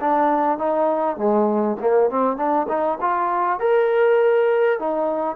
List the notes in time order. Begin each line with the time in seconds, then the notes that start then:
0.00 D4
0.58 D#4
1.16 G#3
1.80 A#3
2.10 C4
2.36 D4
2.68 D#4
3.00 F4
3.59 A#4
4.79 D#4